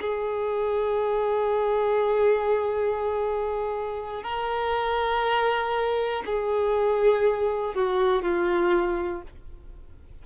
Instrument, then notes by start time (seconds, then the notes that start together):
violin
0.00 G#4
4.23 A#4
6.25 G#4
7.74 F#4
8.22 F4